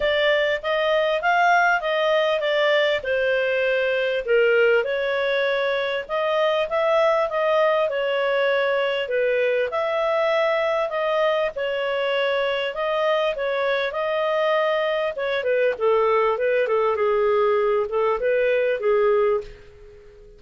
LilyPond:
\new Staff \with { instrumentName = "clarinet" } { \time 4/4 \tempo 4 = 99 d''4 dis''4 f''4 dis''4 | d''4 c''2 ais'4 | cis''2 dis''4 e''4 | dis''4 cis''2 b'4 |
e''2 dis''4 cis''4~ | cis''4 dis''4 cis''4 dis''4~ | dis''4 cis''8 b'8 a'4 b'8 a'8 | gis'4. a'8 b'4 gis'4 | }